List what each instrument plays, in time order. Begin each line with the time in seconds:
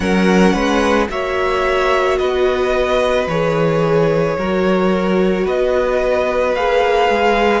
0.00 cello F#3, viola C#4, violin A#4 F#5
0.53 cello G#3, violin B4
1.09 cello A#3, viola F#4, violin C#5 E5
2.18 cello B3, violin B4 D#5
3.27 cello E3, viola G#4, violin C#5
4.37 cello F#3, viola F#4, violin A#4
5.44 cello B3, violin B4 D#5
6.55 cello A#3, viola G#4, violin F5
7.09 cello G#3